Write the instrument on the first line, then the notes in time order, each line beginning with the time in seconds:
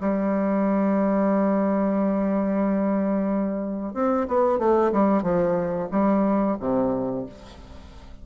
bassoon
0.00 G3
3.94 C4
4.27 B3
4.58 A3
4.92 G3
5.22 F3
5.91 G3
6.59 C3